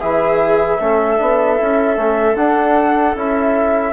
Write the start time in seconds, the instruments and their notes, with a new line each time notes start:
0.00 bassoon E3, trombone E4, viola G#4, flute E5
0.80 bassoon A3, trombone C#4, viola A4
1.18 bassoon B3, trombone D4
1.57 bassoon C#4, trombone E4
1.96 bassoon A3, trombone C#4
2.36 bassoon D4, trombone D4, flute F#5
3.16 bassoon C#4, trombone E4, flute E5